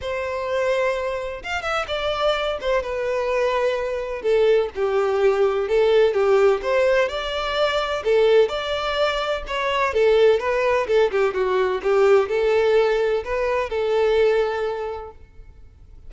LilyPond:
\new Staff \with { instrumentName = "violin" } { \time 4/4 \tempo 4 = 127 c''2. f''8 e''8 | d''4. c''8 b'2~ | b'4 a'4 g'2 | a'4 g'4 c''4 d''4~ |
d''4 a'4 d''2 | cis''4 a'4 b'4 a'8 g'8 | fis'4 g'4 a'2 | b'4 a'2. | }